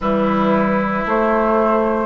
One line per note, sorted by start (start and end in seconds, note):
0.00 1.05 E3
0.00 1.06 G3
0.00 2.06 E4
0.00 1.06 B4
1.05 2.06 A3
1.05 2.06 C5